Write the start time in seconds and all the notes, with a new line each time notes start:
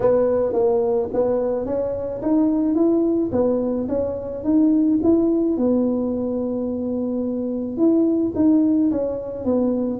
0.00 B3
0.52 A#3
1.13 B3
1.65 C#4
2.22 D#4
2.74 E4
3.32 B3
3.88 C#4
4.44 D#4
5.03 E4
5.57 B3
7.77 E4
8.35 D#4
8.91 C#4
9.44 B3